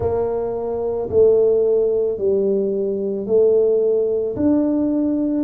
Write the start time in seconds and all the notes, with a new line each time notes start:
0.00 A#3
1.09 A3
2.18 G3
3.26 A3
4.36 D4